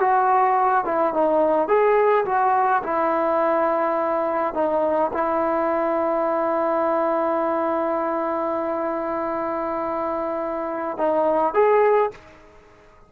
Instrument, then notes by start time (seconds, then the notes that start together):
trombone
0.00 F#4
0.85 E4
1.14 D#4
1.68 G#4
2.25 F#4
2.83 E4
4.54 D#4
5.13 E4
10.98 D#4
11.54 G#4